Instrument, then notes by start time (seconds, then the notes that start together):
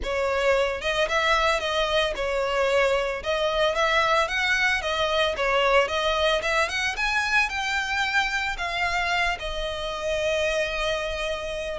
violin
0.03 C#5
0.81 D#5
1.08 E5
1.59 D#5
2.15 C#5
3.23 D#5
3.75 E5
4.28 F#5
4.81 D#5
5.36 C#5
5.88 D#5
6.42 E5
6.68 F#5
6.96 G#5
7.49 G5
8.57 F5
9.39 D#5